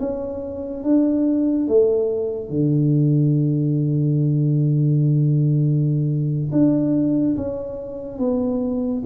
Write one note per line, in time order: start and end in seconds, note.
0.00 0.84 C#4
0.84 1.68 D4
1.68 2.50 A3
2.50 6.51 D3
6.52 7.37 D4
7.37 8.19 C#4
8.19 9.03 B3